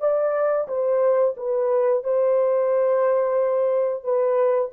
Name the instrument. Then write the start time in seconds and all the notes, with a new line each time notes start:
horn
0.00 D5
0.68 C5
1.37 B4
2.04 C5
4.04 B4